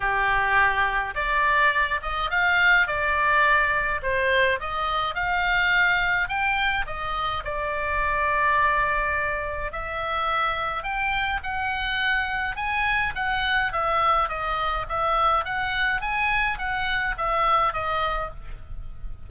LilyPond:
\new Staff \with { instrumentName = "oboe" } { \time 4/4 \tempo 4 = 105 g'2 d''4. dis''8 | f''4 d''2 c''4 | dis''4 f''2 g''4 | dis''4 d''2.~ |
d''4 e''2 g''4 | fis''2 gis''4 fis''4 | e''4 dis''4 e''4 fis''4 | gis''4 fis''4 e''4 dis''4 | }